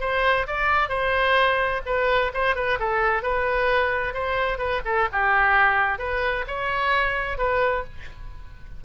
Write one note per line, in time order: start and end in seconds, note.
0.00 0.46 C5
0.47 0.89 D5
0.89 1.81 C5
1.85 2.32 B4
2.33 2.55 C5
2.55 2.78 B4
2.79 3.22 A4
3.22 4.13 B4
4.13 4.58 C5
4.58 4.81 B4
4.85 5.08 A4
5.12 5.98 G4
5.98 6.44 B4
6.47 7.37 C#5
7.37 7.84 B4